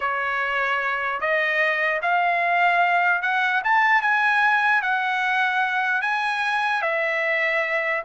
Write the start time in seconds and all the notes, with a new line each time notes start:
0.00 C#5
1.20 D#5
2.01 F5
3.21 F#5
3.64 A5
4.01 G#5
4.82 F#5
6.01 G#5
6.82 E5